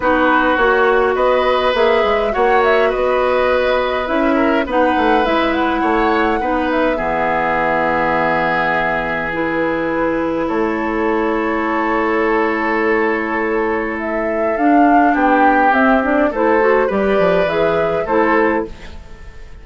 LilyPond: <<
  \new Staff \with { instrumentName = "flute" } { \time 4/4 \tempo 4 = 103 b'4 cis''4 dis''4 e''4 | fis''8 e''8 dis''2 e''4 | fis''4 e''8 fis''2 e''8~ | e''1 |
b'2 cis''2~ | cis''1 | e''4 f''4 g''4 e''8 d''8 | c''4 d''4 e''4 c''4 | }
  \new Staff \with { instrumentName = "oboe" } { \time 4/4 fis'2 b'2 | cis''4 b'2~ b'8 ais'8 | b'2 cis''4 b'4 | gis'1~ |
gis'2 a'2~ | a'1~ | a'2 g'2 | a'4 b'2 a'4 | }
  \new Staff \with { instrumentName = "clarinet" } { \time 4/4 dis'4 fis'2 gis'4 | fis'2. e'4 | dis'4 e'2 dis'4 | b1 |
e'1~ | e'1~ | e'4 d'2 c'8 d'8 | e'8 fis'8 g'4 gis'4 e'4 | }
  \new Staff \with { instrumentName = "bassoon" } { \time 4/4 b4 ais4 b4 ais8 gis8 | ais4 b2 cis'4 | b8 a8 gis4 a4 b4 | e1~ |
e2 a2~ | a1~ | a4 d'4 b4 c'4 | a4 g8 f8 e4 a4 | }
>>